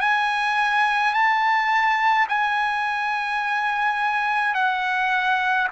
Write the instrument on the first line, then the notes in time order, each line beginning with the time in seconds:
trumpet
0.00 G#5
1.13 A5
2.28 G#5
4.54 F#5